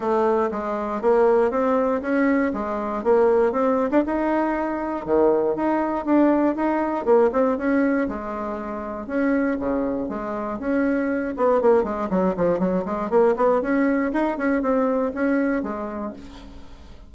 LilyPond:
\new Staff \with { instrumentName = "bassoon" } { \time 4/4 \tempo 4 = 119 a4 gis4 ais4 c'4 | cis'4 gis4 ais4 c'8. d'16 | dis'2 dis4 dis'4 | d'4 dis'4 ais8 c'8 cis'4 |
gis2 cis'4 cis4 | gis4 cis'4. b8 ais8 gis8 | fis8 f8 fis8 gis8 ais8 b8 cis'4 | dis'8 cis'8 c'4 cis'4 gis4 | }